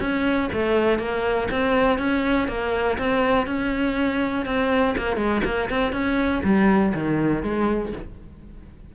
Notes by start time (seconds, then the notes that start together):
0.00 C#4
0.53 A3
0.99 A#3
1.51 C4
1.99 C#4
2.48 A#3
2.98 C4
3.46 C#4
4.45 C4
4.97 A#3
5.16 G#3
5.45 A#3
5.69 C4
5.92 C#4
6.43 G3
6.94 D#3
7.43 G#3